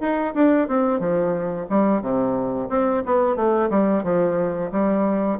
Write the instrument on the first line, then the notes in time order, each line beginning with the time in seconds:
bassoon
0.00 D#4
0.34 D4
0.68 C4
0.99 F3
1.69 G3
2.01 C3
2.69 C4
3.05 B3
3.36 A3
3.70 G3
4.04 F3
4.72 G3